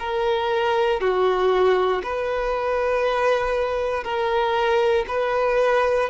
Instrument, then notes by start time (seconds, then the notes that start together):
violin
0.00 A#4
1.01 F#4
2.04 B4
4.04 A#4
5.08 B4